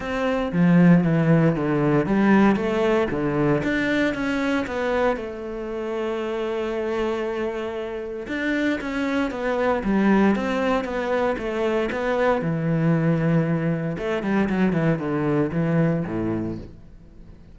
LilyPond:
\new Staff \with { instrumentName = "cello" } { \time 4/4 \tempo 4 = 116 c'4 f4 e4 d4 | g4 a4 d4 d'4 | cis'4 b4 a2~ | a1 |
d'4 cis'4 b4 g4 | c'4 b4 a4 b4 | e2. a8 g8 | fis8 e8 d4 e4 a,4 | }